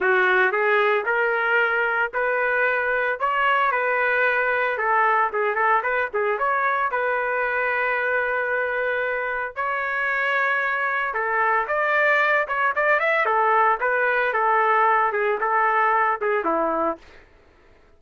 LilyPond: \new Staff \with { instrumentName = "trumpet" } { \time 4/4 \tempo 4 = 113 fis'4 gis'4 ais'2 | b'2 cis''4 b'4~ | b'4 a'4 gis'8 a'8 b'8 gis'8 | cis''4 b'2.~ |
b'2 cis''2~ | cis''4 a'4 d''4. cis''8 | d''8 e''8 a'4 b'4 a'4~ | a'8 gis'8 a'4. gis'8 e'4 | }